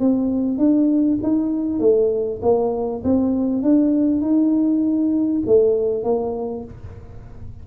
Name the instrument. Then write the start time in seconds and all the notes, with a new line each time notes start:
tuba
0.00 C4
0.58 D4
1.23 D#4
1.80 A3
2.42 A#3
3.04 C4
3.63 D4
4.21 D#4
5.47 A3
6.04 A#3